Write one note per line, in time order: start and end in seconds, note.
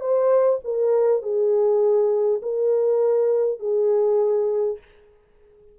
0.00 0.59 C5
0.64 1.22 A#4
1.22 2.41 G#4
2.42 3.59 A#4
3.59 4.78 G#4